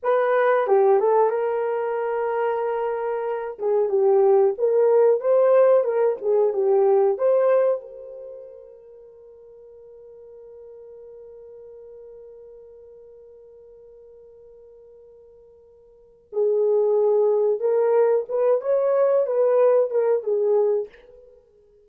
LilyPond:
\new Staff \with { instrumentName = "horn" } { \time 4/4 \tempo 4 = 92 b'4 g'8 a'8 ais'2~ | ais'4. gis'8 g'4 ais'4 | c''4 ais'8 gis'8 g'4 c''4 | ais'1~ |
ais'1~ | ais'1~ | ais'4 gis'2 ais'4 | b'8 cis''4 b'4 ais'8 gis'4 | }